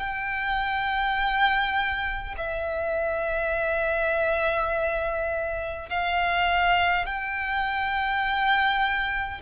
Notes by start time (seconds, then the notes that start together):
0.00 G5
2.38 E5
5.90 F5
7.06 G5